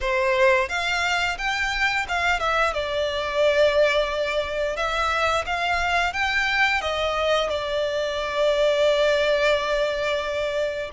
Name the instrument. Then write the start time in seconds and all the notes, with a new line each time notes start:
violin
0.00 C5
0.68 F5
1.38 G5
2.08 F5
2.39 E5
2.73 D5
4.76 E5
5.45 F5
6.13 G5
6.81 D#5
7.49 D5